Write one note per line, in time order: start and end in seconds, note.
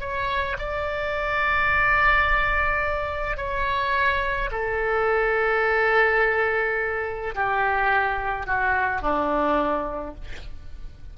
0.00 0.57 C#5
0.58 3.37 D5
3.37 4.50 C#5
4.51 7.34 A4
7.34 8.46 G4
8.46 9.01 F#4
9.01 10.14 D4